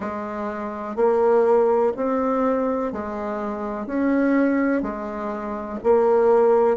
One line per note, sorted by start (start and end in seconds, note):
0.00 0.95 G#3
0.95 1.92 A#3
1.96 2.92 C4
2.92 3.86 G#3
3.86 4.82 C#4
4.82 5.78 G#3
5.83 6.77 A#3